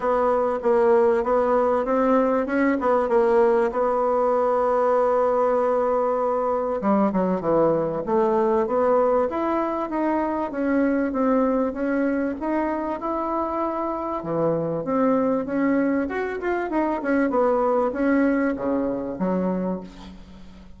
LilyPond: \new Staff \with { instrumentName = "bassoon" } { \time 4/4 \tempo 4 = 97 b4 ais4 b4 c'4 | cis'8 b8 ais4 b2~ | b2. g8 fis8 | e4 a4 b4 e'4 |
dis'4 cis'4 c'4 cis'4 | dis'4 e'2 e4 | c'4 cis'4 fis'8 f'8 dis'8 cis'8 | b4 cis'4 cis4 fis4 | }